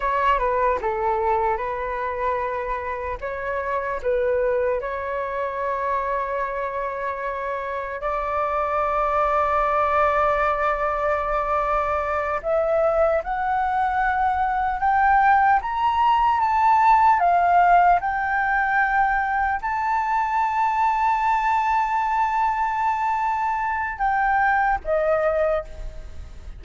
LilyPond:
\new Staff \with { instrumentName = "flute" } { \time 4/4 \tempo 4 = 75 cis''8 b'8 a'4 b'2 | cis''4 b'4 cis''2~ | cis''2 d''2~ | d''2.~ d''8 e''8~ |
e''8 fis''2 g''4 ais''8~ | ais''8 a''4 f''4 g''4.~ | g''8 a''2.~ a''8~ | a''2 g''4 dis''4 | }